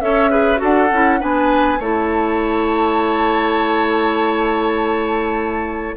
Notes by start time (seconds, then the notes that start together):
0.00 C#4 A4 C#5 E5
0.30 G#4 B4
0.57 D4 F#4 A4 F#5
0.91 C#4 E4
1.19 B3 D4 B4 G#5
1.79 A3 E4 C#5 A5